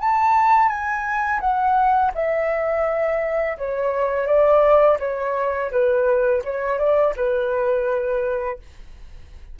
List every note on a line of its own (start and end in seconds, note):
0.00 0.69 A5
0.69 1.40 G#5
1.41 2.12 F#5
2.15 3.57 E5
3.58 4.27 C#5
4.27 4.98 D5
5.00 5.71 C#5
5.72 6.43 B4
6.44 6.79 C#5
6.79 7.15 D5
7.16 8.59 B4